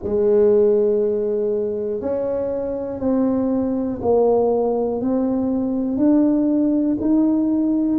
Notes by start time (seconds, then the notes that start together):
0.03 G#3
2.00 C#4
3.00 C4
4.01 A#3
5.00 C4
5.97 D4
7.00 D#4